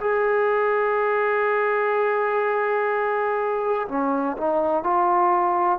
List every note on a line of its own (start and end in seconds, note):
0.00 3.87 G#4
3.88 4.36 C#4
4.37 4.83 D#4
4.83 5.79 F4